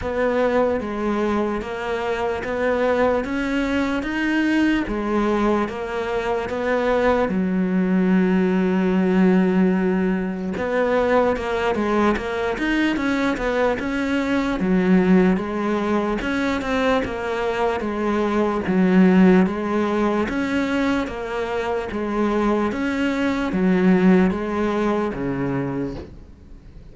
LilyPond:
\new Staff \with { instrumentName = "cello" } { \time 4/4 \tempo 4 = 74 b4 gis4 ais4 b4 | cis'4 dis'4 gis4 ais4 | b4 fis2.~ | fis4 b4 ais8 gis8 ais8 dis'8 |
cis'8 b8 cis'4 fis4 gis4 | cis'8 c'8 ais4 gis4 fis4 | gis4 cis'4 ais4 gis4 | cis'4 fis4 gis4 cis4 | }